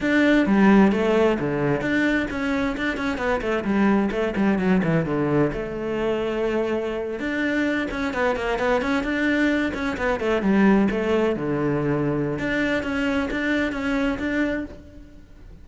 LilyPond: \new Staff \with { instrumentName = "cello" } { \time 4/4 \tempo 4 = 131 d'4 g4 a4 d4 | d'4 cis'4 d'8 cis'8 b8 a8 | g4 a8 g8 fis8 e8 d4 | a2.~ a8. d'16~ |
d'4~ d'16 cis'8 b8 ais8 b8 cis'8 d'16~ | d'4~ d'16 cis'8 b8 a8 g4 a16~ | a8. d2~ d16 d'4 | cis'4 d'4 cis'4 d'4 | }